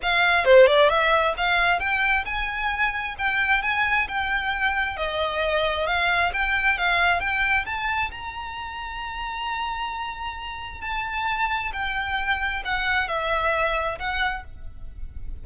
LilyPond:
\new Staff \with { instrumentName = "violin" } { \time 4/4 \tempo 4 = 133 f''4 c''8 d''8 e''4 f''4 | g''4 gis''2 g''4 | gis''4 g''2 dis''4~ | dis''4 f''4 g''4 f''4 |
g''4 a''4 ais''2~ | ais''1 | a''2 g''2 | fis''4 e''2 fis''4 | }